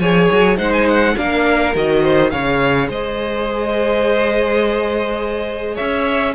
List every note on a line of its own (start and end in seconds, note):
0.00 0.29 F3
0.00 0.57 G#4
0.00 0.58 C#5
0.00 0.58 G#5
0.32 0.58 F#3
0.57 1.16 G#3
0.57 1.15 D#4
0.57 1.15 C5
0.57 0.73 F#5
0.73 0.88 G#5
0.89 1.18 F#5
1.17 1.76 A#3
1.17 1.75 D4
1.17 2.03 A#4
1.17 1.76 F5
1.75 2.33 D#3
1.75 2.31 F#4
1.75 2.31 D#5
2.03 2.32 C5
2.31 2.89 C#3
2.31 6.35 G#4
2.31 2.89 C#5
2.31 2.89 F5
2.89 5.78 G#3
2.89 5.75 C5
2.89 5.77 D#5
5.75 6.35 C#4
5.75 6.33 C#5
5.75 6.35 E5